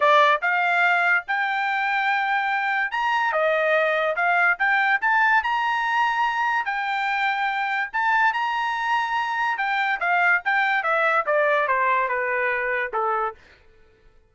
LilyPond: \new Staff \with { instrumentName = "trumpet" } { \time 4/4 \tempo 4 = 144 d''4 f''2 g''4~ | g''2. ais''4 | dis''2 f''4 g''4 | a''4 ais''2. |
g''2. a''4 | ais''2. g''4 | f''4 g''4 e''4 d''4 | c''4 b'2 a'4 | }